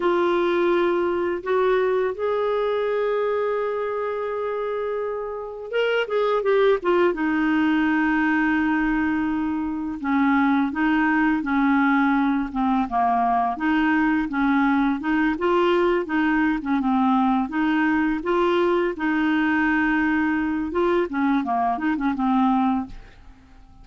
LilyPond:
\new Staff \with { instrumentName = "clarinet" } { \time 4/4 \tempo 4 = 84 f'2 fis'4 gis'4~ | gis'1 | ais'8 gis'8 g'8 f'8 dis'2~ | dis'2 cis'4 dis'4 |
cis'4. c'8 ais4 dis'4 | cis'4 dis'8 f'4 dis'8. cis'16 c'8~ | c'8 dis'4 f'4 dis'4.~ | dis'4 f'8 cis'8 ais8 dis'16 cis'16 c'4 | }